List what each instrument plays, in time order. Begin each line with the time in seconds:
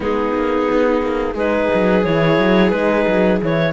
0.00 cello G#3, horn B3, viola D#4, clarinet G#4
0.33 cello A#3
0.70 cello B3
1.01 cello A#3
1.34 cello G#3, horn D#4, viola G#4, clarinet B4
1.73 cello F#3
2.04 cello E3, horn E4, clarinet C#5
2.38 cello F#3
2.70 cello G#3, horn D#4, clarinet B4
3.07 cello F#3
3.41 cello E3, horn E4, clarinet C#5